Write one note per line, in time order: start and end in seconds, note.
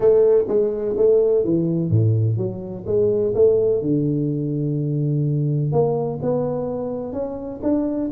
0.00 0.45 A3
0.48 0.95 G#3
0.97 1.44 A3
1.44 1.90 E3
1.90 2.37 A2
2.37 2.84 F#3
2.86 3.33 G#3
3.35 3.81 A3
3.81 5.71 D3
5.71 6.19 A#3
6.21 7.12 B3
7.12 7.60 C#4
7.62 8.10 D4